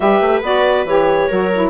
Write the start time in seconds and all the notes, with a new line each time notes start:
0.00 G3 G4 B4 E5
0.20 A3
0.42 B3 F#4 D5
0.85 E3 G4 C#5
1.27 F#3 F#4 A#4
1.54 E4